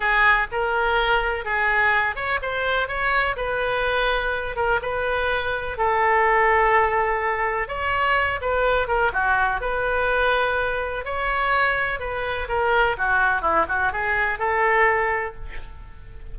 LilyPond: \new Staff \with { instrumentName = "oboe" } { \time 4/4 \tempo 4 = 125 gis'4 ais'2 gis'4~ | gis'8 cis''8 c''4 cis''4 b'4~ | b'4. ais'8 b'2 | a'1 |
cis''4. b'4 ais'8 fis'4 | b'2. cis''4~ | cis''4 b'4 ais'4 fis'4 | e'8 fis'8 gis'4 a'2 | }